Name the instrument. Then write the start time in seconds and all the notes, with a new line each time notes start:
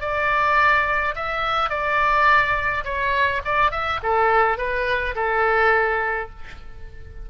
oboe
0.00 D5
1.15 E5
1.69 D5
2.84 C#5
3.44 D5
3.71 E5
4.02 A4
4.57 B4
5.15 A4